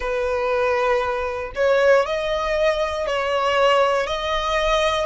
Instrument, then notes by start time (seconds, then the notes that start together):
violin
0.00 B4
1.55 C#5
2.06 D#5
3.06 C#5
4.07 D#5